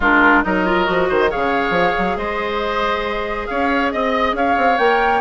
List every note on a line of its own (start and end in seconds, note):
0.00 0.43 G#3
0.00 0.43 D4
0.00 0.42 F4
0.00 0.43 A#4
0.43 0.88 F#3
0.43 0.65 D#4
0.43 1.08 A#4
0.43 1.30 D#5
0.65 0.85 F4
0.85 1.10 F3
0.85 1.28 F#4
1.08 1.32 D#3
1.08 1.30 C5
1.29 4.77 G#4
1.29 2.17 C#5
1.29 2.17 F5
1.35 1.69 C#3
1.69 1.91 F3
1.98 2.16 F#3
2.16 3.47 G#3
2.16 3.47 C5
2.16 3.46 D#5
3.46 3.93 C#4
3.46 3.92 C#5
3.46 3.90 F5
3.91 4.33 C4
3.91 4.34 D#5
3.91 4.36 D#5
4.33 4.54 C#4
4.33 5.20 C#5
4.33 4.78 F5
4.57 4.78 C4
4.78 5.20 A#3
4.78 5.20 A#4
4.78 5.20 G5